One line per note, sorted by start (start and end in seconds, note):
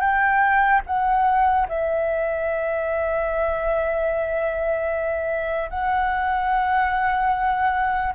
0.00 0.81 G5
0.86 1.67 F#5
1.68 5.69 E5
5.69 8.13 F#5